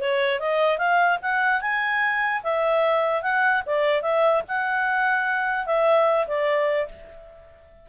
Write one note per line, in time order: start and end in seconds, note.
0.00 0.39 C#5
0.39 0.78 D#5
0.78 1.18 F5
1.22 1.61 F#5
1.61 2.42 G#5
2.43 3.22 E5
3.22 3.63 F#5
3.66 4.02 D5
4.02 4.42 E5
4.48 5.66 F#5
5.66 6.27 E5
6.27 6.88 D5